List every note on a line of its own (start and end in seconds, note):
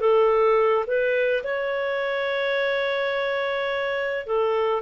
0.00 0.85 A4
0.86 1.43 B4
1.43 4.26 C#5
4.26 4.82 A4